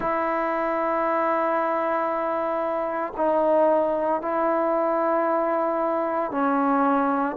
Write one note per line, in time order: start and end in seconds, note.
0.00 3.13 E4
3.16 4.21 D#4
4.21 6.31 E4
6.31 7.36 C#4